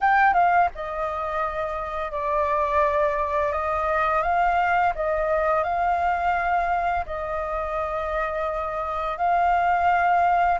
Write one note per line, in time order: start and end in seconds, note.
0.00 0.33 G5
0.33 0.68 F5
0.74 2.11 D#5
2.11 3.52 D5
3.52 4.22 D#5
4.22 4.93 F5
4.95 5.63 D#5
5.63 7.05 F5
7.06 9.17 D#5
9.17 10.59 F5